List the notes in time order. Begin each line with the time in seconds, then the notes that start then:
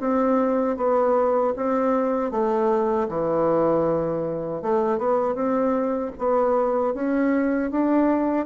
0.00 C4
0.77 B3
1.56 C4
2.31 A3
3.08 E3
4.62 A3
4.98 B3
5.35 C4
6.18 B3
6.94 C#4
7.71 D4